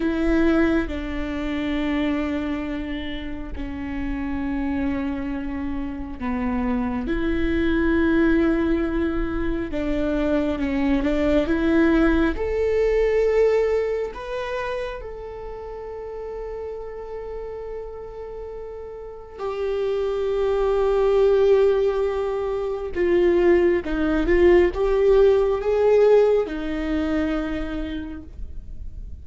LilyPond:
\new Staff \with { instrumentName = "viola" } { \time 4/4 \tempo 4 = 68 e'4 d'2. | cis'2. b4 | e'2. d'4 | cis'8 d'8 e'4 a'2 |
b'4 a'2.~ | a'2 g'2~ | g'2 f'4 dis'8 f'8 | g'4 gis'4 dis'2 | }